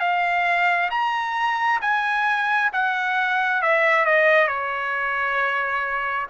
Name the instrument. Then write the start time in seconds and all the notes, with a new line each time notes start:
trumpet
0.00 F5
0.91 A#5
1.82 G#5
2.73 F#5
3.62 E5
4.05 D#5
4.48 C#5